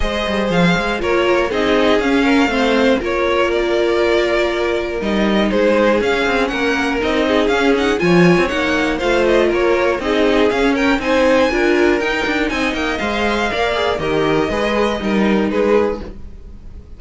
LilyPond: <<
  \new Staff \with { instrumentName = "violin" } { \time 4/4 \tempo 4 = 120 dis''4 f''4 cis''4 dis''4 | f''2 cis''4 d''4~ | d''2 dis''4 c''4 | f''4 fis''4 dis''4 f''8 fis''8 |
gis''4 fis''4 f''8 dis''8 cis''4 | dis''4 f''8 g''8 gis''2 | g''4 gis''8 g''8 f''2 | dis''2. b'4 | }
  \new Staff \with { instrumentName = "violin" } { \time 4/4 c''2 ais'4 gis'4~ | gis'8 ais'8 c''4 ais'2~ | ais'2. gis'4~ | gis'4 ais'4. gis'4. |
cis''2 c''4 ais'4 | gis'4. ais'8 c''4 ais'4~ | ais'4 dis''2 d''4 | ais'4 b'4 ais'4 gis'4 | }
  \new Staff \with { instrumentName = "viola" } { \time 4/4 gis'2 f'4 dis'4 | cis'4 c'4 f'2~ | f'2 dis'2 | cis'2 dis'4 cis'8 dis'8 |
f'4 dis'4 f'2 | dis'4 cis'4 dis'4 f'4 | dis'2 c''4 ais'8 gis'8 | g'4 gis'4 dis'2 | }
  \new Staff \with { instrumentName = "cello" } { \time 4/4 gis8 g8 f8 gis8 ais4 c'4 | cis'4 a4 ais2~ | ais2 g4 gis4 | cis'8 c'8 ais4 c'4 cis'4 |
f8. c'16 ais4 a4 ais4 | c'4 cis'4 c'4 d'4 | dis'8 d'8 c'8 ais8 gis4 ais4 | dis4 gis4 g4 gis4 | }
>>